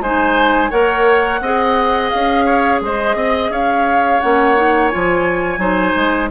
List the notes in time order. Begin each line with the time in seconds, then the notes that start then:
0.00 G#3 D#4 C5 G#5
0.70 A#3 A#4 C#5 F#5
1.40 C4 G#4 D#5
2.09 C#4 F5
2.45 C#5
2.81 G#3 C5 D#5
3.15 C4 D#5
3.50 C#4 C#5 F5
4.20 A#3 C#4 F#5
4.56 D#4
4.88 F4 G#5
4.95 F3
5.58 F#3 D#4 C5
5.96 G#3